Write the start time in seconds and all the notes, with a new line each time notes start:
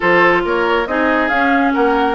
0.00 F3 F4 A4 C5
0.44 A#3 A#4 C#5
0.86 C4 D#4 G#4 D#5
1.28 C#4 F5
1.73 A#3 A#4 F#5